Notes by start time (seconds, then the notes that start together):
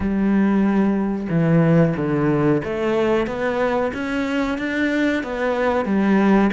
0.00 G3
1.29 E3
1.97 D3
2.64 A3
3.26 B3
3.93 C#4
4.58 D4
5.23 B3
5.85 G3